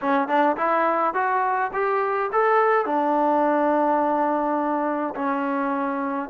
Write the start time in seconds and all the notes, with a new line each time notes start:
0.01 C#4
0.28 D4
0.56 E4
1.14 F#4
1.73 G4
2.32 A4
2.85 D4
5.15 C#4